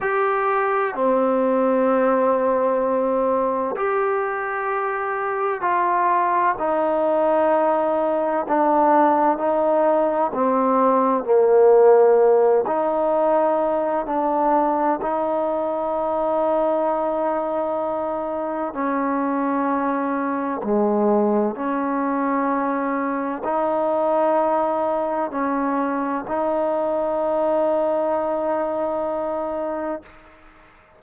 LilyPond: \new Staff \with { instrumentName = "trombone" } { \time 4/4 \tempo 4 = 64 g'4 c'2. | g'2 f'4 dis'4~ | dis'4 d'4 dis'4 c'4 | ais4. dis'4. d'4 |
dis'1 | cis'2 gis4 cis'4~ | cis'4 dis'2 cis'4 | dis'1 | }